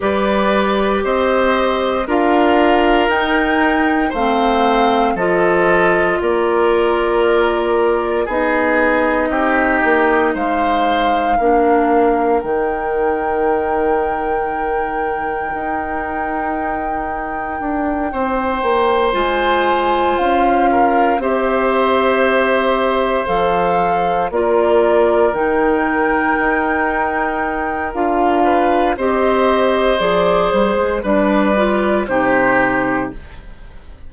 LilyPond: <<
  \new Staff \with { instrumentName = "flute" } { \time 4/4 \tempo 4 = 58 d''4 dis''4 f''4 g''4 | f''4 dis''4 d''2 | dis''2 f''2 | g''1~ |
g''2~ g''8 gis''4 f''8~ | f''8 e''2 f''4 d''8~ | d''8 g''2~ g''8 f''4 | dis''4 d''8 c''8 d''4 c''4 | }
  \new Staff \with { instrumentName = "oboe" } { \time 4/4 b'4 c''4 ais'2 | c''4 a'4 ais'2 | gis'4 g'4 c''4 ais'4~ | ais'1~ |
ais'4. c''2~ c''8 | ais'8 c''2. ais'8~ | ais'2.~ ais'8 b'8 | c''2 b'4 g'4 | }
  \new Staff \with { instrumentName = "clarinet" } { \time 4/4 g'2 f'4 dis'4 | c'4 f'2. | dis'2. d'4 | dis'1~ |
dis'2~ dis'8 f'4.~ | f'8 g'2 a'4 f'8~ | f'8 dis'2~ dis'8 f'4 | g'4 gis'4 d'8 f'8 dis'4 | }
  \new Staff \with { instrumentName = "bassoon" } { \time 4/4 g4 c'4 d'4 dis'4 | a4 f4 ais2 | b4 c'8 ais8 gis4 ais4 | dis2. dis'4~ |
dis'4 d'8 c'8 ais8 gis4 cis'8~ | cis'8 c'2 f4 ais8~ | ais8 dis4 dis'4. d'4 | c'4 f8 g16 gis16 g4 c4 | }
>>